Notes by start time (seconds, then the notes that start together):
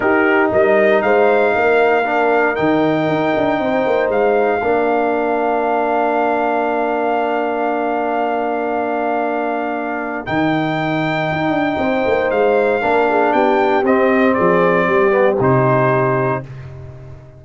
0.00 D#4 G4 A#4
0.51 G3 A#4 D#5
1.02 G#3 C5 F5
1.55 A#3 A#4
2.04 D4
2.55 D#3 D#4 G5
3.08 D#4
3.36 D4
3.59 C4 C5
3.86 A#3
4.09 G#3 F5
4.62 A#3 D4 A#4
10.25 D#3 D#4 G5
11.31 D#4
11.50 D4
11.77 C4 C5
12.06 A#3
12.31 G#3 F5
12.81 A#3 D4 A#4
13.09 G#4
13.32 B3 G4 G5
13.82 C4 D#5
14.33 F3 G#4 D5
14.86 G3 G4
15.10 B3
15.39 C3 D#4 C5